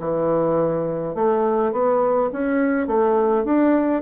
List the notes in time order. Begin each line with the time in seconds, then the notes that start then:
0.00 E3
1.15 A3
1.73 B3
2.32 C#4
2.87 A3
3.45 D4